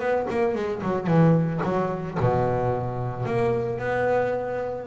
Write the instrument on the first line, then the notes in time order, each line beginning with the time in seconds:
double bass
0.00 B3
0.30 A#3
0.56 G#3
0.83 F#3
1.07 E3
1.64 F#3
2.21 B2
3.26 A#3
3.79 B3